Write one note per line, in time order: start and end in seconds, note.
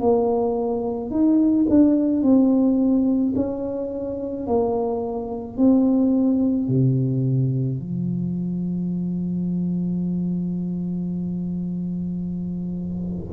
0.00 1.11 A#3
1.11 1.66 D#4
1.70 2.22 D4
2.22 3.33 C4
3.36 4.47 C#4
4.47 5.57 A#3
5.57 6.68 C4
6.68 7.79 C3
7.79 13.33 F3